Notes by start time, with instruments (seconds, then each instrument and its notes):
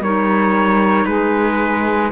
0.00 cello G3, clarinet D#4, saxophone A#4, trumpet C#5
1.05 cello G#3, saxophone G#4, trumpet B4